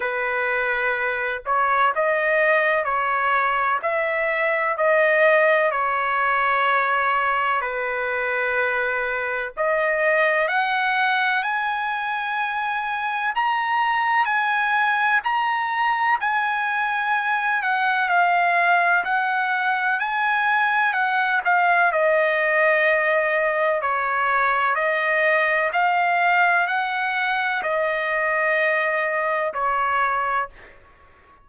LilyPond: \new Staff \with { instrumentName = "trumpet" } { \time 4/4 \tempo 4 = 63 b'4. cis''8 dis''4 cis''4 | e''4 dis''4 cis''2 | b'2 dis''4 fis''4 | gis''2 ais''4 gis''4 |
ais''4 gis''4. fis''8 f''4 | fis''4 gis''4 fis''8 f''8 dis''4~ | dis''4 cis''4 dis''4 f''4 | fis''4 dis''2 cis''4 | }